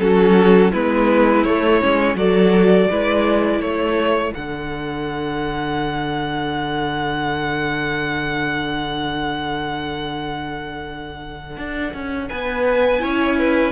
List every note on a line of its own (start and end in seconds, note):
0.00 0.73 F#3
0.00 0.73 C#4
0.00 0.72 F#4
0.00 0.72 A4
0.72 1.46 G#3
0.72 1.46 B3
0.72 2.16 E4
0.72 1.44 B4
1.44 1.81 A3
1.44 1.82 A3
1.44 2.17 C#5
1.81 2.15 G#3
1.81 2.17 C#4
2.15 2.87 F#3
2.15 2.90 F#4
2.15 2.90 A4
2.15 3.62 D5
2.90 3.61 G#3
2.90 4.35 E4
2.90 3.63 B4
3.61 4.33 A3
3.61 12.30 A4
3.61 4.34 C#5
4.35 11.58 D3
4.35 13.01 D4
4.35 12.29 F#5
11.58 11.94 D4
11.94 12.30 C#4
12.29 13.04 B3
12.29 13.02 B4
12.29 13.73 G#5
13.01 13.73 C#4
13.01 13.73 E4
13.01 13.38 C#5
13.39 13.73 B4